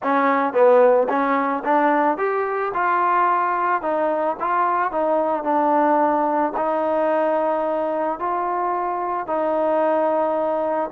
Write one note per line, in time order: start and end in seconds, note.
0.02 0.53 C#4
0.53 1.07 B3
1.08 1.63 C#4
1.64 2.17 D4
2.17 2.72 G4
2.74 3.82 F4
3.82 4.36 D#4
4.39 4.91 F4
4.91 5.43 D#4
5.43 6.52 D4
6.57 8.19 D#4
8.19 9.26 F4
9.26 10.90 D#4